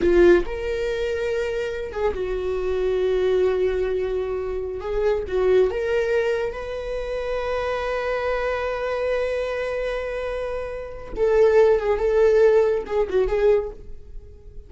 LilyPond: \new Staff \with { instrumentName = "viola" } { \time 4/4 \tempo 4 = 140 f'4 ais'2.~ | ais'8 gis'8 fis'2.~ | fis'2.~ fis'16 gis'8.~ | gis'16 fis'4 ais'2 b'8.~ |
b'1~ | b'1~ | b'2 a'4. gis'8 | a'2 gis'8 fis'8 gis'4 | }